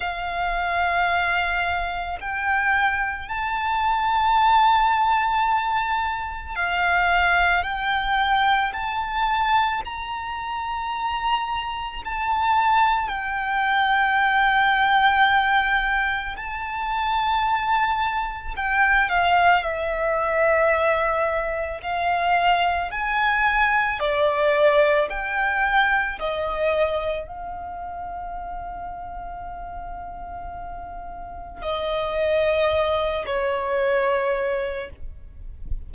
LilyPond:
\new Staff \with { instrumentName = "violin" } { \time 4/4 \tempo 4 = 55 f''2 g''4 a''4~ | a''2 f''4 g''4 | a''4 ais''2 a''4 | g''2. a''4~ |
a''4 g''8 f''8 e''2 | f''4 gis''4 d''4 g''4 | dis''4 f''2.~ | f''4 dis''4. cis''4. | }